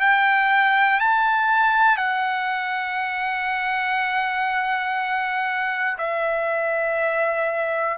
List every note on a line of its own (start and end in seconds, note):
0.00 1.00 G5
1.00 1.97 A5
1.97 5.97 F#5
5.98 7.97 E5